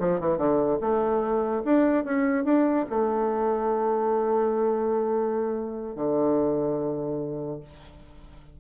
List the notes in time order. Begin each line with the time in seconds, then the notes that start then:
0.00 F3
0.20 E3
0.38 D3
0.81 A3
1.65 D4
2.05 C#4
2.45 D4
2.90 A3
5.96 D3